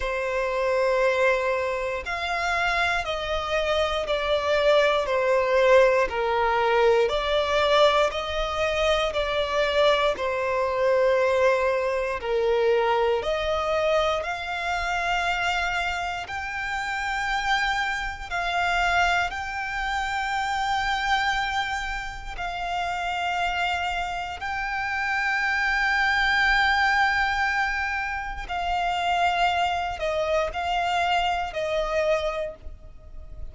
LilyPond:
\new Staff \with { instrumentName = "violin" } { \time 4/4 \tempo 4 = 59 c''2 f''4 dis''4 | d''4 c''4 ais'4 d''4 | dis''4 d''4 c''2 | ais'4 dis''4 f''2 |
g''2 f''4 g''4~ | g''2 f''2 | g''1 | f''4. dis''8 f''4 dis''4 | }